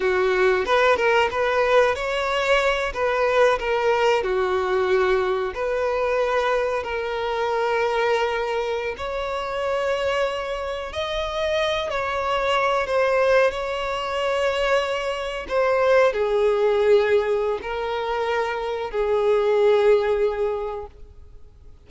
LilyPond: \new Staff \with { instrumentName = "violin" } { \time 4/4 \tempo 4 = 92 fis'4 b'8 ais'8 b'4 cis''4~ | cis''8 b'4 ais'4 fis'4.~ | fis'8 b'2 ais'4.~ | ais'4.~ ais'16 cis''2~ cis''16~ |
cis''8. dis''4. cis''4. c''16~ | c''8. cis''2. c''16~ | c''8. gis'2~ gis'16 ais'4~ | ais'4 gis'2. | }